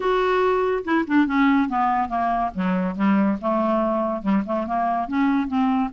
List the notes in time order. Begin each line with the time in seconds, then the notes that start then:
0.00 F#4
0.84 E4
1.07 D4
1.26 C#4
1.68 B3
2.09 A#3
2.54 F#3
2.95 G3
3.41 A3
4.22 G3
4.46 A3
4.66 A#3
5.08 C#4
5.47 C4